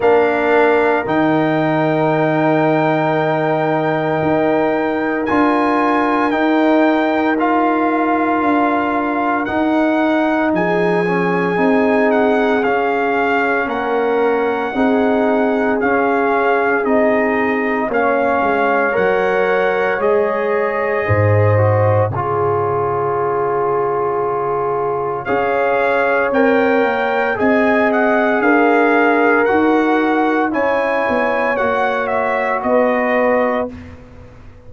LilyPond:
<<
  \new Staff \with { instrumentName = "trumpet" } { \time 4/4 \tempo 4 = 57 f''4 g''2.~ | g''4 gis''4 g''4 f''4~ | f''4 fis''4 gis''4. fis''8 | f''4 fis''2 f''4 |
dis''4 f''4 fis''4 dis''4~ | dis''4 cis''2. | f''4 g''4 gis''8 fis''8 f''4 | fis''4 gis''4 fis''8 e''8 dis''4 | }
  \new Staff \with { instrumentName = "horn" } { \time 4/4 ais'1~ | ais'1~ | ais'2 gis'2~ | gis'4 ais'4 gis'2~ |
gis'4 cis''2. | c''4 gis'2. | cis''2 dis''4 ais'4~ | ais'4 cis''2 b'4 | }
  \new Staff \with { instrumentName = "trombone" } { \time 4/4 d'4 dis'2.~ | dis'4 f'4 dis'4 f'4~ | f'4 dis'4. cis'8 dis'4 | cis'2 dis'4 cis'4 |
dis'4 cis'4 ais'4 gis'4~ | gis'8 fis'8 f'2. | gis'4 ais'4 gis'2 | fis'4 e'4 fis'2 | }
  \new Staff \with { instrumentName = "tuba" } { \time 4/4 ais4 dis2. | dis'4 d'4 dis'2 | d'4 dis'4 f4 c'4 | cis'4 ais4 c'4 cis'4 |
c'4 ais8 gis8 fis4 gis4 | gis,4 cis2. | cis'4 c'8 ais8 c'4 d'4 | dis'4 cis'8 b8 ais4 b4 | }
>>